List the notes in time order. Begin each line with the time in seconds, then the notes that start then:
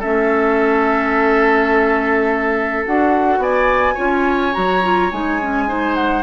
0.00 A3 C#4 A4 E5
2.86 D4 F#4 F#5
3.38 B3 D5 G#5
3.95 C#4 F4 C#5
4.53 F#3 F#4 A#5
4.83 F4
5.12 G#3 D#4 G#5
5.42 C#4
5.68 D#4 C5
5.95 F#5